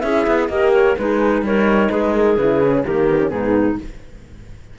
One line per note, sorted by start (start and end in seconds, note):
0.00 0.26 C#4
0.00 0.50 E4
0.00 0.50 G#4
0.00 0.47 E5
0.27 0.49 B3
0.48 0.96 A#3
0.48 0.97 G4
0.48 0.98 A#4
0.48 0.71 D#5
0.73 0.97 C#5
0.97 1.42 G#3
0.97 1.45 D#4
0.97 1.44 G#4
0.97 1.44 B4
1.42 1.89 G3
1.42 2.39 D#4
1.42 1.91 A#4
1.42 1.90 C#5
1.90 2.37 G#3
1.90 2.85 G#4
1.90 2.13 B4
2.13 2.37 A#4
2.37 2.84 C#3
2.37 2.62 E4
2.37 2.83 B4
2.62 2.85 C#4
2.85 3.32 D#3
2.85 3.07 A#3
2.85 3.31 G4
2.85 3.29 A#4
3.07 3.18 B3
3.18 3.29 C#4
3.29 3.78 G#2
3.29 3.76 B3
3.29 3.78 D#4
3.29 3.76 G#4